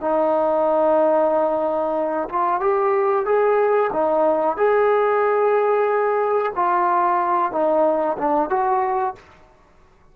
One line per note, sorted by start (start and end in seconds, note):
0.00 2.28 D#4
2.29 2.60 F4
2.60 3.25 G4
3.25 3.90 G#4
3.92 4.57 D#4
4.57 6.52 G#4
6.55 7.51 F4
7.51 8.16 D#4
8.18 8.50 D4
8.50 9.15 F#4